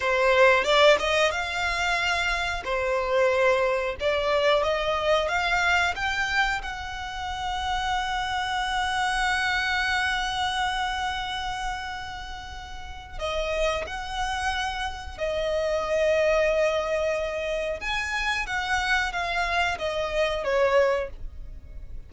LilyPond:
\new Staff \with { instrumentName = "violin" } { \time 4/4 \tempo 4 = 91 c''4 d''8 dis''8 f''2 | c''2 d''4 dis''4 | f''4 g''4 fis''2~ | fis''1~ |
fis''1 | dis''4 fis''2 dis''4~ | dis''2. gis''4 | fis''4 f''4 dis''4 cis''4 | }